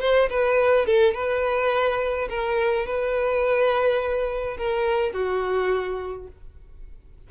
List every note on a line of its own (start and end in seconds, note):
0.00 0.29 C5
0.30 0.85 B4
0.85 1.14 A4
1.14 2.28 B4
2.29 2.86 A#4
2.86 4.57 B4
4.57 5.12 A#4
5.12 6.27 F#4